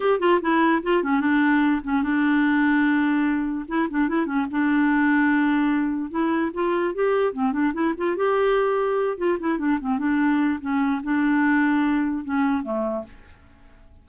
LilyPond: \new Staff \with { instrumentName = "clarinet" } { \time 4/4 \tempo 4 = 147 g'8 f'8 e'4 f'8 cis'8 d'4~ | d'8 cis'8 d'2.~ | d'4 e'8 d'8 e'8 cis'8 d'4~ | d'2. e'4 |
f'4 g'4 c'8 d'8 e'8 f'8 | g'2~ g'8 f'8 e'8 d'8 | c'8 d'4. cis'4 d'4~ | d'2 cis'4 a4 | }